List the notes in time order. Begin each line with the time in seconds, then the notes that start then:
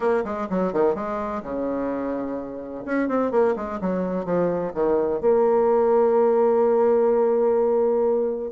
0.00 A#3
0.24 G#3
0.49 F#3
0.72 D#3
0.94 G#3
1.42 C#3
2.85 C#4
3.08 C4
3.31 A#3
3.55 G#3
3.80 F#3
4.25 F3
4.74 D#3
5.21 A#3